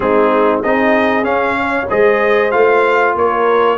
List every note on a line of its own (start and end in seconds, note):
0.00 0.62 G#3
0.00 0.63 C4
0.00 0.62 D#4
0.00 0.60 G#4
0.62 1.24 C4
0.62 1.23 D#4
0.62 1.57 G#4
0.62 1.24 D#5
1.23 1.86 C#4
1.23 1.87 C#4
1.23 1.87 F5
1.59 1.90 C#5
1.89 2.53 G#3
1.89 2.51 G#4
1.89 3.16 C5
1.89 2.51 D#5
2.51 3.15 A3
2.51 3.77 F4
2.51 3.14 F5
3.15 3.78 A#3
3.15 3.78 A#4
3.15 3.78 C#5